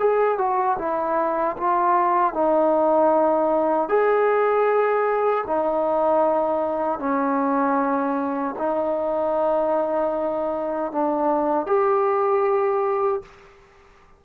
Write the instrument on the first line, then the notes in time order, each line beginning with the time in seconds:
trombone
0.00 G#4
0.39 F#4
0.79 E4
1.58 F4
2.34 D#4
3.89 G#4
5.47 D#4
7.00 C#4
8.59 D#4
10.93 D4
11.67 G4